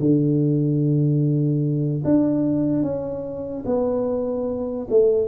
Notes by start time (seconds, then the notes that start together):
0.00 D3
2.04 D4
2.82 C#4
3.66 B3
4.90 A3